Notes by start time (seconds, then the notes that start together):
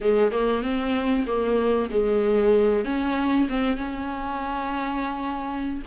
0.00 G#3
0.31 A#3
0.62 C4
1.26 A#3
1.90 G#3
2.84 C#4
3.48 C4
3.76 C#4